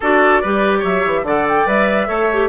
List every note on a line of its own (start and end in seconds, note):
0.00 0.43 D4
0.00 0.44 F#4
0.00 0.41 A4
0.00 0.84 D5
0.41 0.84 G3
0.41 1.27 G4
0.41 0.78 B4
0.78 1.05 F#3
0.78 1.20 C#5
0.78 1.25 E5
1.05 1.22 E3
1.22 1.64 D3
1.22 1.66 A4
1.22 2.07 D5
1.22 1.47 F#5
1.48 1.68 G5
1.66 2.08 G3
1.66 2.08 B4
1.66 2.49 E5
2.07 2.49 A3
2.07 2.29 A4
2.07 2.49 C#5
2.32 2.49 G4